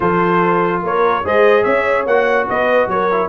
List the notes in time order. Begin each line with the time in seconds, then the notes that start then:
0.00 F3 F4 A4 C5
0.82 A#3 A#4 C#5
1.24 G#3 G#4 C5 D#5
1.63 C#4 C#5 E5
2.05 A#3 F#4 F#5
2.47 B3 B4 D#5
2.87 F#3 A#4 C#5
3.11 E4